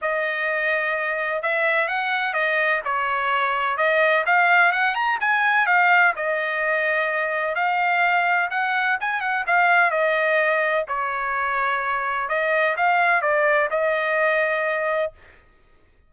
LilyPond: \new Staff \with { instrumentName = "trumpet" } { \time 4/4 \tempo 4 = 127 dis''2. e''4 | fis''4 dis''4 cis''2 | dis''4 f''4 fis''8 ais''8 gis''4 | f''4 dis''2. |
f''2 fis''4 gis''8 fis''8 | f''4 dis''2 cis''4~ | cis''2 dis''4 f''4 | d''4 dis''2. | }